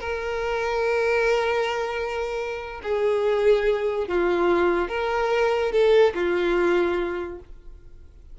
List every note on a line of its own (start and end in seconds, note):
0.00 2.81 A#4
2.83 4.08 G#4
4.08 4.88 F4
4.88 5.72 A#4
5.72 6.14 A4
6.14 7.39 F4